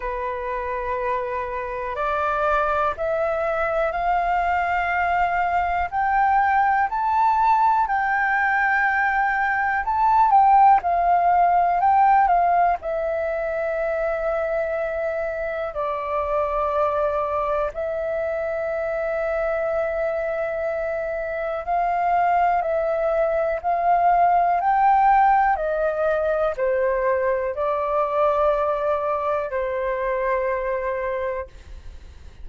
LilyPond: \new Staff \with { instrumentName = "flute" } { \time 4/4 \tempo 4 = 61 b'2 d''4 e''4 | f''2 g''4 a''4 | g''2 a''8 g''8 f''4 | g''8 f''8 e''2. |
d''2 e''2~ | e''2 f''4 e''4 | f''4 g''4 dis''4 c''4 | d''2 c''2 | }